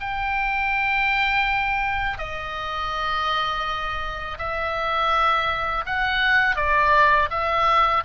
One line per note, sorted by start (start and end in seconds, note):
0.00 2.18 G5
2.18 4.37 D#5
4.38 5.84 E5
5.85 6.55 F#5
6.55 7.28 D5
7.30 8.03 E5